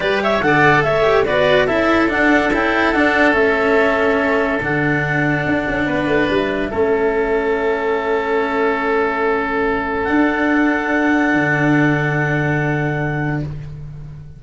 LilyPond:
<<
  \new Staff \with { instrumentName = "clarinet" } { \time 4/4 \tempo 4 = 143 d''8 e''8 fis''4 e''4 d''4 | e''4 fis''4 g''4 fis''4 | e''2. fis''4~ | fis''2. e''4~ |
e''1~ | e''1 | fis''1~ | fis''1 | }
  \new Staff \with { instrumentName = "oboe" } { \time 4/4 b'8 cis''8 d''4 cis''4 b'4 | a'1~ | a'1~ | a'2 b'2 |
a'1~ | a'1~ | a'1~ | a'1 | }
  \new Staff \with { instrumentName = "cello" } { \time 4/4 g'4 a'4. g'8 fis'4 | e'4 d'4 e'4 d'4 | cis'2. d'4~ | d'1 |
cis'1~ | cis'1 | d'1~ | d'1 | }
  \new Staff \with { instrumentName = "tuba" } { \time 4/4 g4 d4 a4 b4 | cis'4 d'4 cis'4 d'4 | a2. d4~ | d4 d'8 cis'8 b8 a8 g4 |
a1~ | a1 | d'2. d4~ | d1 | }
>>